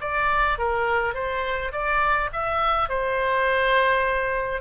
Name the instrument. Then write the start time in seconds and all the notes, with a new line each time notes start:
oboe
0.00 D5
0.58 A#4
1.14 C5
1.72 D5
2.32 E5
2.89 C5